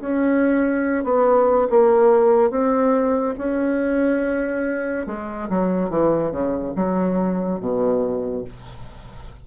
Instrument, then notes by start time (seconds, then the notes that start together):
bassoon
0.00 C#4
1.04 B3
1.70 A#3
2.50 C4
3.38 C#4
5.06 G#3
5.49 F#3
5.89 E3
6.31 C#3
6.75 F#3
7.60 B2